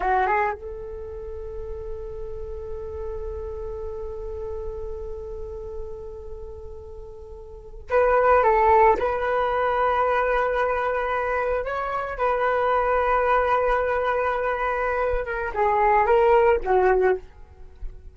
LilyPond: \new Staff \with { instrumentName = "flute" } { \time 4/4 \tempo 4 = 112 fis'8 gis'8 a'2.~ | a'1~ | a'1~ | a'2~ a'8. b'4 a'16~ |
a'8. b'2.~ b'16~ | b'4.~ b'16 cis''4 b'4~ b'16~ | b'1~ | b'8 ais'8 gis'4 ais'4 fis'4 | }